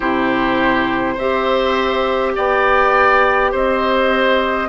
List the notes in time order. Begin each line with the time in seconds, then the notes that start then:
0.00 C3 E4 G4 C5
1.14 C4 G4 C5 E5
2.35 B3 D5 G5
3.51 C4 C5 D#5